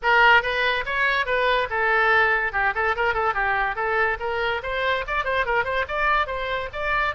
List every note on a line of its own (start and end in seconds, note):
0.02 0.42 A#4
0.42 0.84 B4
0.85 1.26 C#5
1.26 1.68 B4
1.70 2.52 A4
2.52 2.73 G4
2.74 2.95 A4
2.96 3.14 A#4
3.14 3.34 A4
3.34 3.75 G4
3.75 4.17 A4
4.19 4.61 A#4
4.62 5.04 C5
5.07 5.24 D5
5.24 5.45 C5
5.45 5.64 A#4
5.64 5.85 C5
5.88 6.27 D5
6.27 6.68 C5
6.72 7.14 D5